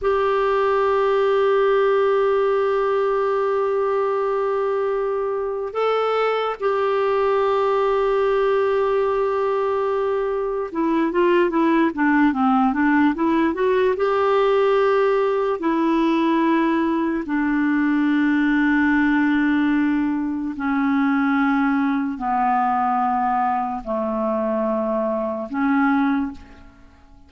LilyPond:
\new Staff \with { instrumentName = "clarinet" } { \time 4/4 \tempo 4 = 73 g'1~ | g'2. a'4 | g'1~ | g'4 e'8 f'8 e'8 d'8 c'8 d'8 |
e'8 fis'8 g'2 e'4~ | e'4 d'2.~ | d'4 cis'2 b4~ | b4 a2 cis'4 | }